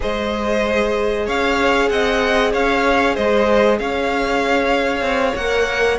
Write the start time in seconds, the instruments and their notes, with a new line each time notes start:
0.00 cello G#3, viola G#4, violin C5 D#5
1.26 cello C#4, violin C#5 F5
1.89 cello C4, violin D#5 F#5
2.52 cello C#4, violin C#5 F5
3.14 cello G#3, violin C5 D#5
3.79 cello C#4, violin C#5 F5
5.01 cello C4
5.35 cello A#3, viola A#4, violin F#5